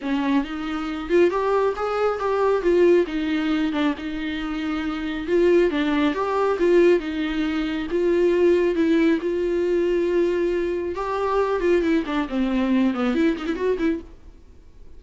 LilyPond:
\new Staff \with { instrumentName = "viola" } { \time 4/4 \tempo 4 = 137 cis'4 dis'4. f'8 g'4 | gis'4 g'4 f'4 dis'4~ | dis'8 d'8 dis'2. | f'4 d'4 g'4 f'4 |
dis'2 f'2 | e'4 f'2.~ | f'4 g'4. f'8 e'8 d'8 | c'4. b8 e'8 dis'16 e'16 fis'8 e'8 | }